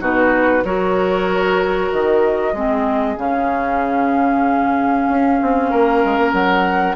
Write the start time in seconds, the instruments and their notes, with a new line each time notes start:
0.00 bassoon B2, clarinet D#4, oboe F#4, flute B4
0.64 bassoon F#3, clarinet F#4, oboe A#4, flute C#5
1.92 bassoon D#3, flute D#5
2.52 bassoon G#3, clarinet C4, oboe G#4
3.16 bassoon C#3, clarinet C#4, flute F5
5.08 bassoon C#4
5.41 bassoon C4
5.70 bassoon A#3, oboe A#4
6.04 bassoon G#3
6.17 bassoon A#3
6.32 bassoon F#3, flute F#5